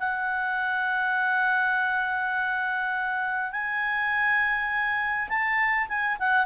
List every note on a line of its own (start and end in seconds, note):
0.00 3.52 F#5
3.52 5.29 G#5
5.29 5.88 A5
5.89 6.18 G#5
6.20 6.46 F#5